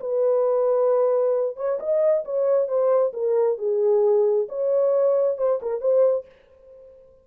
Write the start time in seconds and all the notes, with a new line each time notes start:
0.00 B4
1.56 C#5
1.80 D#5
2.25 C#5
2.68 C5
3.13 A#4
3.58 G#4
4.49 C#5
5.38 C5
5.62 A#4
5.81 C5